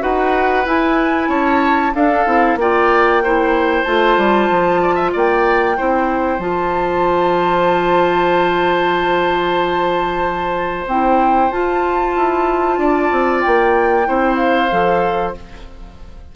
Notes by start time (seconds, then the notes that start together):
0.00 D#4 F#4 B4 F#5
0.66 E4 G#5
1.29 C#4 C#5 A5
1.95 D4 A4 F5
2.27 C4 E4
2.56 A#3 F4 D5 G5
3.24 E4 C5
3.84 A3 F4 A5
4.18 G3
4.50 F3
4.82 D5
4.95 E5
5.13 A#3 D5 G5
5.77 C4 E4 C5
6.39 F3 F4 A5
10.87 C4 E4 G5
11.52 F4 A5
12.16 E4
12.78 D4 D5
13.12 C4
13.42 A#3 G5
14.05 C4 E4 C5
14.37 F5
14.71 F3 A4